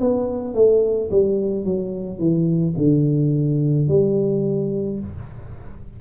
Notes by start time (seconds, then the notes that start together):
0.00 B3
0.55 A3
1.11 G3
1.65 F#3
2.19 E3
2.77 D3
3.88 G3